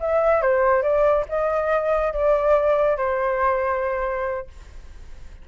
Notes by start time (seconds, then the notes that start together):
0.00 E5
0.41 C5
0.82 D5
1.28 D#5
2.13 D5
2.97 C5